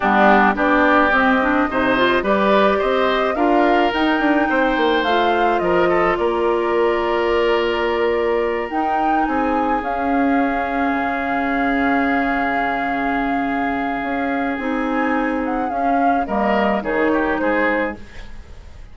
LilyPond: <<
  \new Staff \with { instrumentName = "flute" } { \time 4/4 \tempo 4 = 107 g'4 d''4 dis''2 | d''4 dis''4 f''4 g''4~ | g''4 f''4 dis''4 d''4~ | d''2.~ d''8 g''8~ |
g''8 gis''4 f''2~ f''8~ | f''1~ | f''2 gis''4. fis''8 | f''4 dis''4 cis''4 c''4 | }
  \new Staff \with { instrumentName = "oboe" } { \time 4/4 d'4 g'2 c''4 | b'4 c''4 ais'2 | c''2 ais'8 a'8 ais'4~ | ais'1~ |
ais'8 gis'2.~ gis'8~ | gis'1~ | gis'1~ | gis'4 ais'4 gis'8 g'8 gis'4 | }
  \new Staff \with { instrumentName = "clarinet" } { \time 4/4 b4 d'4 c'8 d'8 dis'8 f'8 | g'2 f'4 dis'4~ | dis'4 f'2.~ | f'2.~ f'8 dis'8~ |
dis'4. cis'2~ cis'8~ | cis'1~ | cis'2 dis'2 | cis'4 ais4 dis'2 | }
  \new Staff \with { instrumentName = "bassoon" } { \time 4/4 g4 b4 c'4 c4 | g4 c'4 d'4 dis'8 d'8 | c'8 ais8 a4 f4 ais4~ | ais2.~ ais8 dis'8~ |
dis'8 c'4 cis'2 cis8~ | cis1~ | cis4 cis'4 c'2 | cis'4 g4 dis4 gis4 | }
>>